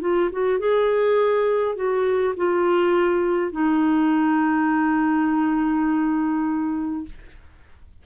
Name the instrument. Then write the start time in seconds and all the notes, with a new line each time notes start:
clarinet
0.00 F4
0.32 F#4
0.59 G#4
1.75 F#4
2.36 F4
3.52 D#4